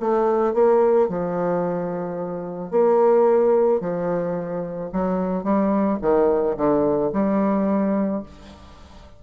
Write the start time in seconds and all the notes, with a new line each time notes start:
0.00 A3
0.54 A#3
1.09 F3
2.71 A#3
3.81 F3
4.93 F#3
5.44 G3
6.02 D#3
6.57 D3
7.13 G3